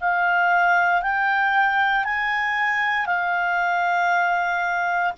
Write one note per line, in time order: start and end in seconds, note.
0.00 1.02 F5
1.02 2.04 G5
2.04 3.06 G#5
3.06 5.13 F5